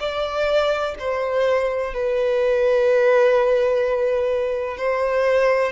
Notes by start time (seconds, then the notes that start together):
0.00 D5
1.00 C5
1.94 B4
4.78 C5